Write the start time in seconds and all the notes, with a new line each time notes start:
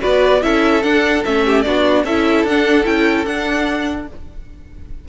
0.00 B3 F#4 B4 D5
0.42 C#4 E4 A4 E5
0.83 D4 F#5
1.25 A3 C#4 E5
1.45 G4
1.62 B3 D4 F#4 D5
2.04 C#4 E4 A4 E5
2.44 D4 F#5
2.85 C#4 E4 G5
3.25 D4 F#5